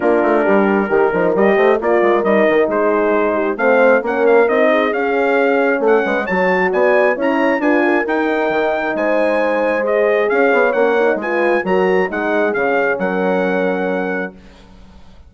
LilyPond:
<<
  \new Staff \with { instrumentName = "trumpet" } { \time 4/4 \tempo 4 = 134 ais'2. dis''4 | d''4 dis''4 c''2 | f''4 fis''8 f''8 dis''4 f''4~ | f''4 fis''4 a''4 gis''4 |
ais''4 gis''4 g''2 | gis''2 dis''4 f''4 | fis''4 gis''4 ais''4 fis''4 | f''4 fis''2. | }
  \new Staff \with { instrumentName = "horn" } { \time 4/4 f'4 g'4 ais'4. c''8 | ais'2 gis'4. g'8 | c''4 ais'4. gis'4.~ | gis'4 a'8 b'8 cis''4 d''4 |
cis''4 b'8 ais'2~ ais'8 | c''2. cis''4~ | cis''4 b'4 ais'4 gis'4~ | gis'4 ais'2. | }
  \new Staff \with { instrumentName = "horn" } { \time 4/4 d'2 g'8 dis'8 g'4 | f'4 dis'2. | c'4 cis'4 dis'4 cis'4~ | cis'2 fis'2 |
e'4 f'4 dis'2~ | dis'2 gis'2 | cis'8 dis'8 f'4 fis'4 dis'4 | cis'1 | }
  \new Staff \with { instrumentName = "bassoon" } { \time 4/4 ais8 a8 g4 dis8 f8 g8 a8 | ais8 gis8 g8 dis8 gis2 | a4 ais4 c'4 cis'4~ | cis'4 a8 gis8 fis4 b4 |
cis'4 d'4 dis'4 dis4 | gis2. cis'8 b8 | ais4 gis4 fis4 gis4 | cis4 fis2. | }
>>